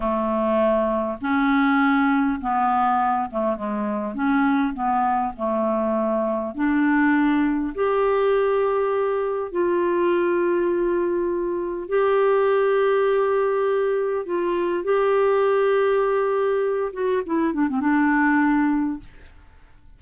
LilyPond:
\new Staff \with { instrumentName = "clarinet" } { \time 4/4 \tempo 4 = 101 a2 cis'2 | b4. a8 gis4 cis'4 | b4 a2 d'4~ | d'4 g'2. |
f'1 | g'1 | f'4 g'2.~ | g'8 fis'8 e'8 d'16 c'16 d'2 | }